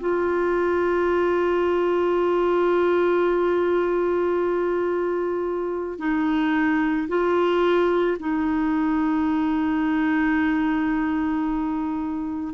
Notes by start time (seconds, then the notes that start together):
0.00 F4
5.99 D#4
7.08 F4
8.19 D#4